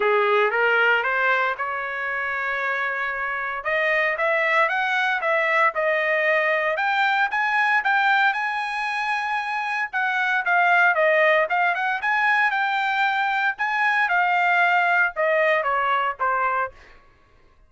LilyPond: \new Staff \with { instrumentName = "trumpet" } { \time 4/4 \tempo 4 = 115 gis'4 ais'4 c''4 cis''4~ | cis''2. dis''4 | e''4 fis''4 e''4 dis''4~ | dis''4 g''4 gis''4 g''4 |
gis''2. fis''4 | f''4 dis''4 f''8 fis''8 gis''4 | g''2 gis''4 f''4~ | f''4 dis''4 cis''4 c''4 | }